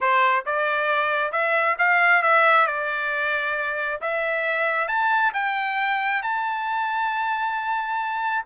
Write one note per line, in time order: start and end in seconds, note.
0.00 0.45 C5
0.45 1.32 D5
1.32 1.76 E5
1.78 2.22 F5
2.22 2.66 E5
2.66 4.00 D5
4.01 4.87 E5
4.87 5.32 A5
5.33 6.22 G5
6.22 8.44 A5